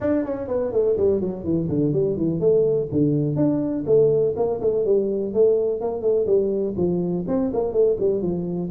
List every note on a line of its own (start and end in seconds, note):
0.00 0.24 D4
0.25 0.47 C#4
0.47 0.71 B3
0.72 0.96 A3
0.96 1.21 G3
1.21 1.44 F#3
1.44 1.68 E3
1.68 1.92 D3
1.92 2.16 G3
2.16 2.40 E3
2.40 2.88 A3
2.91 3.36 D3
3.36 3.84 D4
3.86 4.34 A3
4.36 4.60 A#3
4.61 4.85 A3
4.85 5.33 G3
5.33 5.80 A3
5.80 6.01 A#3
6.01 6.26 A3
6.26 6.75 G3
6.77 7.25 F3
7.27 7.51 C4
7.53 7.72 A#3
7.72 7.96 A3
7.99 8.21 G3
8.21 8.70 F3